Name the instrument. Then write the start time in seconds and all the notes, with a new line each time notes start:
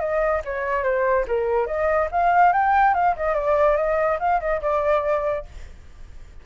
flute
0.00 D#5
0.45 C#5
0.83 C5
1.27 A#4
1.67 D#5
2.12 F5
2.53 G5
2.94 F5
3.16 D#5
3.35 D5
3.77 D#5
4.20 F5
4.40 D#5
4.61 D5